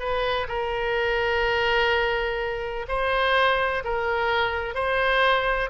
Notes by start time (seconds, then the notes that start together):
0.00 B4
0.49 A#4
2.89 C5
3.85 A#4
4.75 C5